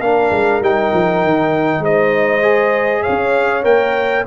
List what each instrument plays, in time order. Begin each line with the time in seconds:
0.00 tuba A#3, trombone D4, horn A#4, trumpet F5
0.31 tuba G#3
0.61 tuba G3, trombone D#4, trumpet G5
0.93 tuba F3
1.24 tuba D#3
1.79 tuba G#3, horn C5, trumpet D#5
2.42 trombone G#4
3.03 horn C#5, trumpet F5
3.09 tuba C#4
3.63 tuba A#3, trombone A#4, trumpet G5